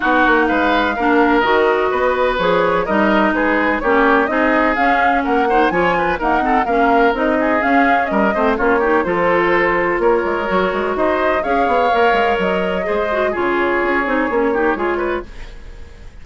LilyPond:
<<
  \new Staff \with { instrumentName = "flute" } { \time 4/4 \tempo 4 = 126 fis''4 f''2 dis''4~ | dis''4 cis''4 dis''4 b'4 | cis''4 dis''4 f''4 fis''4 | gis''4 fis''4 f''4 dis''4 |
f''4 dis''4 cis''4 c''4~ | c''4 cis''2 dis''4 | f''2 dis''2 | cis''1 | }
  \new Staff \with { instrumentName = "oboe" } { \time 4/4 fis'4 b'4 ais'2 | b'2 ais'4 gis'4 | g'4 gis'2 ais'8 c''8 | cis''8 b'8 ais'8 a'8 ais'4. gis'8~ |
gis'4 ais'8 c''8 f'8 g'8 a'4~ | a'4 ais'2 c''4 | cis''2. c''4 | gis'2~ gis'8 g'8 gis'8 b'8 | }
  \new Staff \with { instrumentName = "clarinet" } { \time 4/4 dis'2 d'4 fis'4~ | fis'4 gis'4 dis'2 | cis'4 dis'4 cis'4. dis'8 | f'4 ais8 c'8 cis'4 dis'4 |
cis'4. c'8 cis'8 dis'8 f'4~ | f'2 fis'2 | gis'4 ais'2 gis'8 fis'8 | f'4. dis'8 cis'8 dis'8 f'4 | }
  \new Staff \with { instrumentName = "bassoon" } { \time 4/4 b8 ais8 gis4 ais4 dis4 | b4 f4 g4 gis4 | ais4 c'4 cis'4 ais4 | f4 dis'4 ais4 c'4 |
cis'4 g8 a8 ais4 f4~ | f4 ais8 gis8 fis8 gis8 dis'4 | cis'8 b8 ais8 gis8 fis4 gis4 | cis4 cis'8 c'8 ais4 gis4 | }
>>